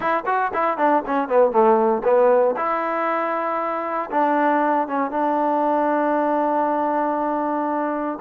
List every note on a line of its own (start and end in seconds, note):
0.00 0.24 E4
0.26 0.51 F#4
0.53 0.77 E4
0.77 1.03 D4
1.05 1.28 C#4
1.28 1.51 B3
1.51 2.02 A3
2.04 2.55 B3
2.56 4.10 E4
4.10 4.87 D4
4.87 5.10 C#4
5.10 8.18 D4